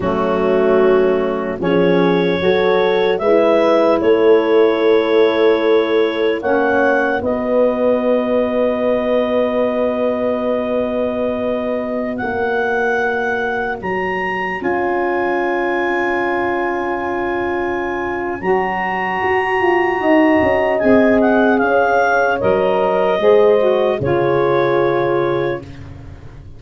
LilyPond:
<<
  \new Staff \with { instrumentName = "clarinet" } { \time 4/4 \tempo 4 = 75 fis'2 cis''2 | e''4 cis''2. | fis''4 dis''2.~ | dis''2.~ dis''16 fis''8.~ |
fis''4~ fis''16 ais''4 gis''4.~ gis''16~ | gis''2. ais''4~ | ais''2 gis''8 fis''8 f''4 | dis''2 cis''2 | }
  \new Staff \with { instrumentName = "horn" } { \time 4/4 cis'2 gis'4 a'4 | b'4 a'2. | cis''4 b'2.~ | b'2.~ b'16 cis''8.~ |
cis''1~ | cis''1~ | cis''4 dis''2 cis''4~ | cis''4 c''4 gis'2 | }
  \new Staff \with { instrumentName = "saxophone" } { \time 4/4 a2 cis'4 fis'4 | e'1 | cis'4 fis'2.~ | fis'1~ |
fis'2~ fis'16 f'4.~ f'16~ | f'2. fis'4~ | fis'2 gis'2 | ais'4 gis'8 fis'8 f'2 | }
  \new Staff \with { instrumentName = "tuba" } { \time 4/4 fis2 f4 fis4 | gis4 a2. | ais4 b2.~ | b2.~ b16 ais8.~ |
ais4~ ais16 fis4 cis'4.~ cis'16~ | cis'2. fis4 | fis'8 f'8 dis'8 cis'8 c'4 cis'4 | fis4 gis4 cis2 | }
>>